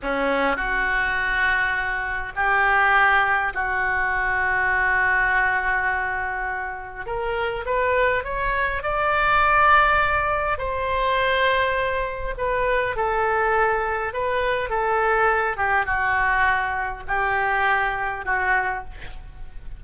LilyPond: \new Staff \with { instrumentName = "oboe" } { \time 4/4 \tempo 4 = 102 cis'4 fis'2. | g'2 fis'2~ | fis'1 | ais'4 b'4 cis''4 d''4~ |
d''2 c''2~ | c''4 b'4 a'2 | b'4 a'4. g'8 fis'4~ | fis'4 g'2 fis'4 | }